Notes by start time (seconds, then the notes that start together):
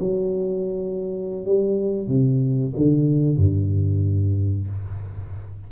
0.00 F#3
1.46 G3
2.08 C3
2.77 D3
3.37 G2